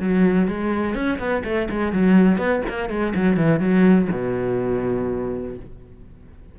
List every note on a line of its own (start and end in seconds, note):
0.00 0.48 F#3
0.48 0.95 G#3
0.95 1.19 C#4
1.19 1.43 B3
1.45 1.69 A3
1.70 1.93 G#3
1.93 2.38 F#3
2.38 2.62 B3
2.69 2.90 A#3
2.90 3.14 G#3
3.15 3.37 F#3
3.37 3.60 E3
3.60 4.08 F#3
4.12 5.57 B2